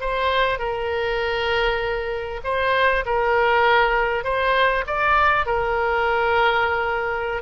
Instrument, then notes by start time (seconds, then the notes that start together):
oboe
0.00 C5
0.58 A#4
2.44 C5
3.05 A#4
4.23 C5
4.87 D5
5.46 A#4